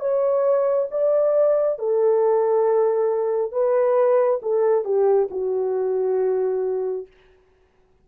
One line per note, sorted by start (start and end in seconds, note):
0.00 0.88 C#5
0.91 1.79 D5
1.79 3.52 A4
3.52 4.40 B4
4.42 4.84 A4
4.84 5.29 G4
5.31 7.07 F#4